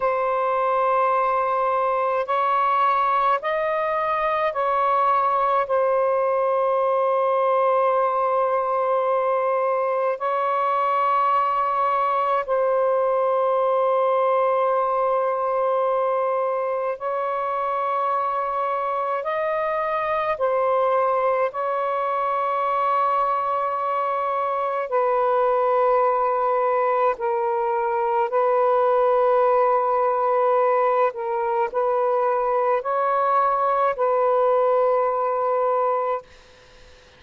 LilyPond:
\new Staff \with { instrumentName = "saxophone" } { \time 4/4 \tempo 4 = 53 c''2 cis''4 dis''4 | cis''4 c''2.~ | c''4 cis''2 c''4~ | c''2. cis''4~ |
cis''4 dis''4 c''4 cis''4~ | cis''2 b'2 | ais'4 b'2~ b'8 ais'8 | b'4 cis''4 b'2 | }